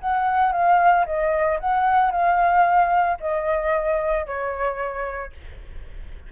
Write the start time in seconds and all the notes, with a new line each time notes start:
0.00 F#5
0.52 F5
1.06 D#5
1.60 F#5
2.11 F5
3.20 D#5
4.26 C#5